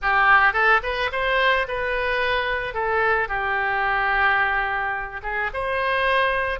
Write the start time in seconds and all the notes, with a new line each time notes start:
0.02 G4
0.53 A4
0.82 B4
1.12 C5
1.67 B4
2.73 A4
3.28 G4
5.22 G#4
5.53 C5